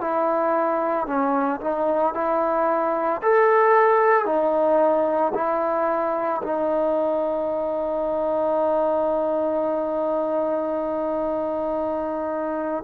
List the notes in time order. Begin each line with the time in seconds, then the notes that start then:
0.00 E4
1.06 C#4
1.61 D#4
2.14 E4
3.22 A4
4.25 D#4
5.34 E4
6.42 D#4